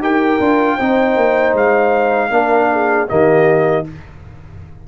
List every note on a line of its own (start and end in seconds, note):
0.00 0.38 D#4
0.00 0.40 G4
0.00 0.77 A#4
0.00 1.57 G5
0.40 0.78 D4
0.40 0.79 F4
0.77 1.16 C4
0.77 2.31 D#4
0.77 2.31 C5
1.16 1.54 A#3
1.54 2.31 G#3
1.54 3.09 F5
2.31 3.08 A#3
2.31 3.08 D4
2.31 2.71 A#4
2.73 3.10 G#4
3.08 3.88 D#3
3.08 3.85 A#3
3.08 3.87 G4
3.08 3.86 D#5